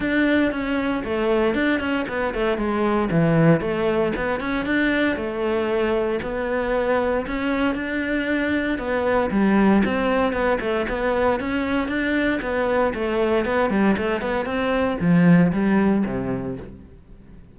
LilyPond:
\new Staff \with { instrumentName = "cello" } { \time 4/4 \tempo 4 = 116 d'4 cis'4 a4 d'8 cis'8 | b8 a8 gis4 e4 a4 | b8 cis'8 d'4 a2 | b2 cis'4 d'4~ |
d'4 b4 g4 c'4 | b8 a8 b4 cis'4 d'4 | b4 a4 b8 g8 a8 b8 | c'4 f4 g4 c4 | }